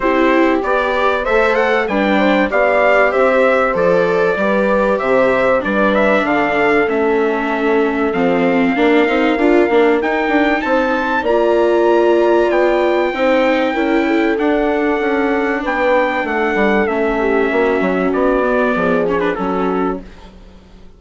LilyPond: <<
  \new Staff \with { instrumentName = "trumpet" } { \time 4/4 \tempo 4 = 96 c''4 d''4 e''8 fis''8 g''4 | f''4 e''4 d''2 | e''4 d''8 e''8 f''4 e''4~ | e''4 f''2. |
g''4 a''4 ais''2 | g''2. fis''4~ | fis''4 g''4 fis''4 e''4~ | e''4 d''4. cis''16 b'16 a'4 | }
  \new Staff \with { instrumentName = "horn" } { \time 4/4 g'2 c''4 b'8 c''8 | d''4 c''2 b'4 | c''4 b'4 a'2~ | a'2 ais'2~ |
ais'4 c''4 d''2~ | d''4 c''4 ais'8 a'4.~ | a'4 b'4 a'4. g'8 | fis'2 gis'4 fis'4 | }
  \new Staff \with { instrumentName = "viola" } { \time 4/4 e'4 g'4 a'4 d'4 | g'2 a'4 g'4~ | g'4 d'2 cis'4~ | cis'4 c'4 d'8 dis'8 f'8 d'8 |
dis'2 f'2~ | f'4 dis'4 e'4 d'4~ | d'2. cis'4~ | cis'4. b4 cis'16 d'16 cis'4 | }
  \new Staff \with { instrumentName = "bassoon" } { \time 4/4 c'4 b4 a4 g4 | b4 c'4 f4 g4 | c4 g4 d4 a4~ | a4 f4 ais8 c'8 d'8 ais8 |
dis'8 d'8 c'4 ais2 | b4 c'4 cis'4 d'4 | cis'4 b4 a8 g8 a4 | ais8 fis8 b4 f4 fis4 | }
>>